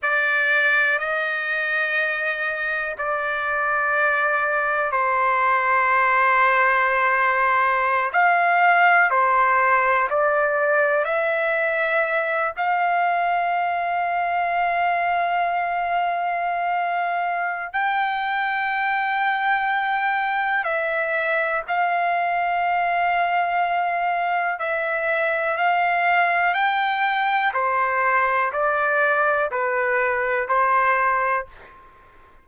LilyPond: \new Staff \with { instrumentName = "trumpet" } { \time 4/4 \tempo 4 = 61 d''4 dis''2 d''4~ | d''4 c''2.~ | c''16 f''4 c''4 d''4 e''8.~ | e''8. f''2.~ f''16~ |
f''2 g''2~ | g''4 e''4 f''2~ | f''4 e''4 f''4 g''4 | c''4 d''4 b'4 c''4 | }